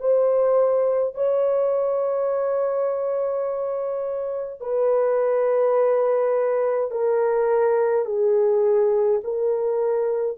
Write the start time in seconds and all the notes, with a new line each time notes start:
0.00 C5
1.15 C#5
4.61 B4
6.91 A#4
8.06 G#4
9.24 A#4